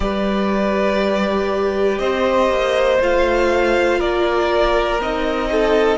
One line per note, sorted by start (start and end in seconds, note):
0.00 1.99 G3
0.00 2.99 G4
0.00 1.99 B4
0.00 1.98 D5
1.98 2.49 C4
1.98 3.99 C5
1.98 2.98 D#5
2.49 2.99 A#3
3.00 4.00 A3
3.00 5.00 F4
3.00 4.00 F5
3.99 4.99 A#3
3.99 5.49 A#4
3.99 5.00 D5
4.99 5.98 C4
4.99 5.98 D#4
4.99 5.98 D#5
5.51 5.98 A4